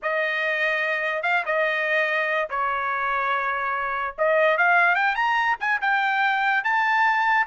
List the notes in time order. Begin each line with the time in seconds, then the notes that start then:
0.02 D#5
1.23 F5
1.45 D#5
2.49 C#5
4.17 D#5
4.57 F5
4.95 G5
5.15 A#5
5.60 G#5
5.81 G5
6.64 A5